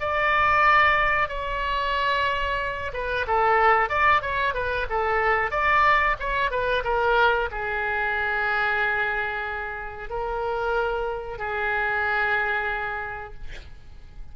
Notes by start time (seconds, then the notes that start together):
0.00 D5
1.29 C#5
2.93 B4
3.27 A4
3.89 D5
4.22 C#5
4.54 B4
4.90 A4
5.51 D5
6.20 C#5
6.51 B4
6.84 A#4
7.51 G#4
10.09 A#4
11.38 G#4